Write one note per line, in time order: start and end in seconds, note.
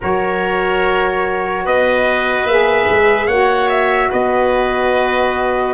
0.01 1.66 F#3
0.01 2.48 F#4
0.01 1.64 A#4
0.01 1.65 C#5
1.64 2.44 B3
1.64 3.26 B4
1.64 2.47 D#5
2.44 2.85 A#3
2.44 3.30 G#4
2.44 3.27 E5
2.89 3.27 G#3
3.26 4.09 A#3
3.26 5.74 F#4
3.26 4.08 C#5
3.26 3.68 F#5
3.68 4.10 E5
4.09 5.74 B3
4.09 5.74 B4
4.09 5.74 D#5